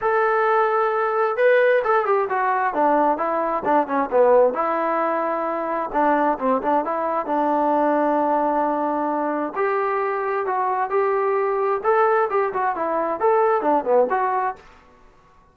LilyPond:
\new Staff \with { instrumentName = "trombone" } { \time 4/4 \tempo 4 = 132 a'2. b'4 | a'8 g'8 fis'4 d'4 e'4 | d'8 cis'8 b4 e'2~ | e'4 d'4 c'8 d'8 e'4 |
d'1~ | d'4 g'2 fis'4 | g'2 a'4 g'8 fis'8 | e'4 a'4 d'8 b8 fis'4 | }